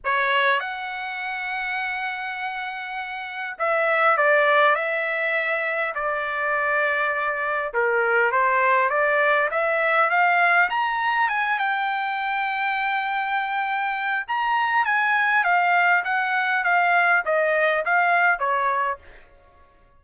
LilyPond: \new Staff \with { instrumentName = "trumpet" } { \time 4/4 \tempo 4 = 101 cis''4 fis''2.~ | fis''2 e''4 d''4 | e''2 d''2~ | d''4 ais'4 c''4 d''4 |
e''4 f''4 ais''4 gis''8 g''8~ | g''1 | ais''4 gis''4 f''4 fis''4 | f''4 dis''4 f''4 cis''4 | }